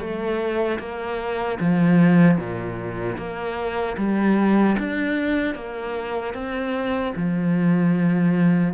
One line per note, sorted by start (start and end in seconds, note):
0.00 0.79 A3
0.80 1.59 A#3
1.60 2.38 F3
2.38 3.17 A#2
3.18 3.97 A#3
3.98 4.77 G3
4.79 5.55 D4
5.55 6.34 A#3
6.34 7.13 C4
7.16 8.74 F3